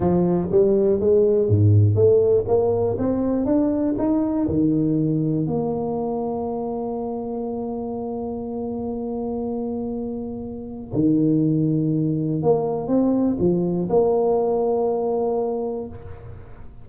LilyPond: \new Staff \with { instrumentName = "tuba" } { \time 4/4 \tempo 4 = 121 f4 g4 gis4 gis,4 | a4 ais4 c'4 d'4 | dis'4 dis2 ais4~ | ais1~ |
ais1~ | ais2 dis2~ | dis4 ais4 c'4 f4 | ais1 | }